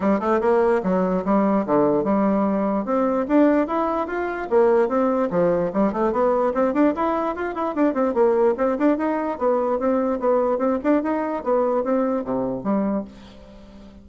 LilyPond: \new Staff \with { instrumentName = "bassoon" } { \time 4/4 \tempo 4 = 147 g8 a8 ais4 fis4 g4 | d4 g2 c'4 | d'4 e'4 f'4 ais4 | c'4 f4 g8 a8 b4 |
c'8 d'8 e'4 f'8 e'8 d'8 c'8 | ais4 c'8 d'8 dis'4 b4 | c'4 b4 c'8 d'8 dis'4 | b4 c'4 c4 g4 | }